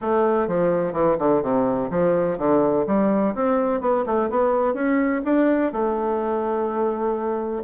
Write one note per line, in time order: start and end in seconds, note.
0.01 0.47 A3
0.47 0.92 F3
0.92 1.16 E3
1.18 1.42 D3
1.42 1.89 C3
1.90 2.37 F3
2.37 2.85 D3
2.86 3.34 G3
3.34 3.81 C4
3.81 4.04 B3
4.06 4.29 A3
4.29 4.74 B3
4.74 5.21 C#4
5.24 5.72 D4
5.72 7.62 A3